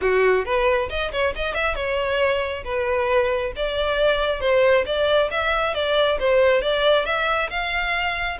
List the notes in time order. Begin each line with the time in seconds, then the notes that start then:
0.01 F#4
0.45 B4
0.89 D#5
1.12 C#5
1.35 D#5
1.54 E5
1.75 C#5
2.64 B4
3.56 D5
4.40 C5
4.85 D5
5.30 E5
5.74 D5
6.19 C5
6.61 D5
7.05 E5
7.49 F5